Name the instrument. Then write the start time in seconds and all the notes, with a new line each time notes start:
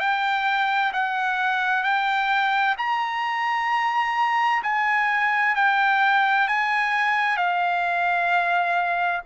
trumpet
0.00 G5
0.93 F#5
1.83 G5
2.78 A#5
4.63 G#5
5.56 G5
6.48 G#5
7.37 F5